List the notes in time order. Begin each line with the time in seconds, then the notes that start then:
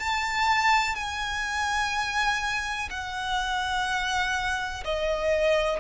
0.00 A5
0.95 G#5
2.90 F#5
4.84 D#5